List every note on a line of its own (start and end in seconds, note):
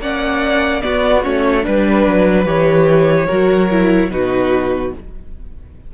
0.00 0.82 A#3
0.00 0.82 C#4
0.00 0.83 D5
0.00 0.82 F#5
0.82 1.23 B3
0.82 1.26 B3
0.82 1.65 F#4
0.82 1.23 D5
1.24 1.67 A3
1.24 1.63 C#4
1.24 1.65 C#5
1.63 2.07 G3
1.63 2.45 D4
1.63 3.27 B4
1.63 2.48 B4
2.07 2.46 F#3
2.45 3.28 E3
2.45 3.27 G4
2.45 4.11 C#5
3.27 4.11 F#3
3.27 3.70 F#4
3.27 4.09 A#4
3.71 4.11 E4
4.11 4.93 B2
4.11 4.94 D#4
4.11 4.95 F#4
4.11 4.93 B4